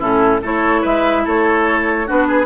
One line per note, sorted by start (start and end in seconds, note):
0.00 0.43 A2
0.00 0.41 C#4
0.00 0.41 E4
0.00 0.44 A4
0.43 0.84 A3
0.43 2.07 E4
0.43 0.82 A4
0.43 0.86 C#5
0.82 1.27 G#3
0.82 1.23 B4
0.82 1.28 E5
1.25 2.10 A3
1.25 2.07 A4
1.25 2.10 C#5
2.07 2.46 B3
2.07 2.46 D4
2.07 2.28 F#4
2.07 2.46 B4
2.28 2.46 G#4